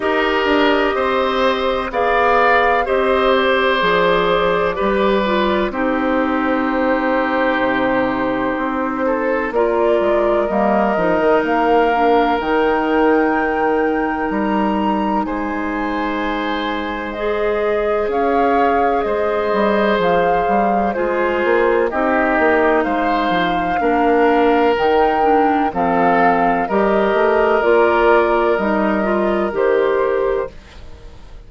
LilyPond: <<
  \new Staff \with { instrumentName = "flute" } { \time 4/4 \tempo 4 = 63 dis''2 f''4 dis''8 d''8~ | d''2 c''2~ | c''2 d''4 dis''4 | f''4 g''2 ais''4 |
gis''2 dis''4 f''4 | dis''4 f''4 c''4 dis''4 | f''2 g''4 f''4 | dis''4 d''4 dis''4 c''4 | }
  \new Staff \with { instrumentName = "oboe" } { \time 4/4 ais'4 c''4 d''4 c''4~ | c''4 b'4 g'2~ | g'4. a'8 ais'2~ | ais'1 |
c''2. cis''4 | c''2 gis'4 g'4 | c''4 ais'2 a'4 | ais'1 | }
  \new Staff \with { instrumentName = "clarinet" } { \time 4/4 g'2 gis'4 g'4 | gis'4 g'8 f'8 dis'2~ | dis'2 f'4 ais8 dis'8~ | dis'8 d'8 dis'2.~ |
dis'2 gis'2~ | gis'2 f'4 dis'4~ | dis'4 d'4 dis'8 d'8 c'4 | g'4 f'4 dis'8 f'8 g'4 | }
  \new Staff \with { instrumentName = "bassoon" } { \time 4/4 dis'8 d'8 c'4 b4 c'4 | f4 g4 c'2 | c4 c'4 ais8 gis8 g8 f16 dis16 | ais4 dis2 g4 |
gis2. cis'4 | gis8 g8 f8 g8 gis8 ais8 c'8 ais8 | gis8 f8 ais4 dis4 f4 | g8 a8 ais4 g4 dis4 | }
>>